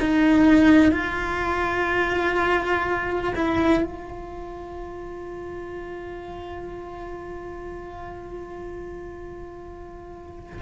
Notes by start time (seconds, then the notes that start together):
0.00 D#4
0.91 F4
3.34 E4
3.83 F4